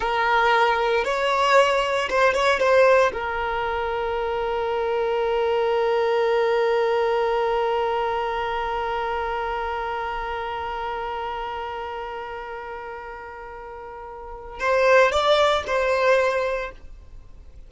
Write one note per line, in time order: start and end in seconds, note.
0.00 1.04 A#4
1.04 2.08 C#5
2.09 2.33 C5
2.33 2.59 C#5
2.59 3.12 C5
3.12 14.59 A#4
14.59 15.11 C5
15.11 15.63 D5
15.66 16.71 C5